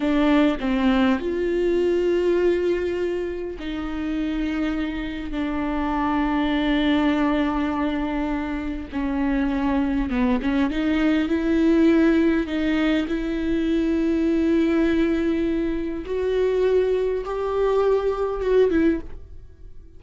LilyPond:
\new Staff \with { instrumentName = "viola" } { \time 4/4 \tempo 4 = 101 d'4 c'4 f'2~ | f'2 dis'2~ | dis'4 d'2.~ | d'2. cis'4~ |
cis'4 b8 cis'8 dis'4 e'4~ | e'4 dis'4 e'2~ | e'2. fis'4~ | fis'4 g'2 fis'8 e'8 | }